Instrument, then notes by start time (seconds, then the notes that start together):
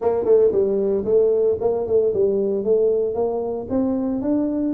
tuba
0.01 A#3
0.24 A3
0.51 G3
1.05 A3
1.60 A#3
1.86 A3
2.13 G3
2.64 A3
3.14 A#3
3.69 C4
4.21 D4